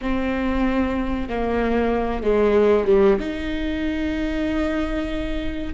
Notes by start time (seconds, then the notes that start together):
0.01 C4
1.29 A#3
2.23 G#3
2.86 G3
3.19 D#4